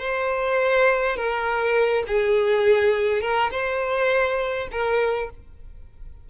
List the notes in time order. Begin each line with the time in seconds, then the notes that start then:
0.00 C5
1.17 A#4
2.07 G#4
3.21 A#4
3.52 C5
4.72 A#4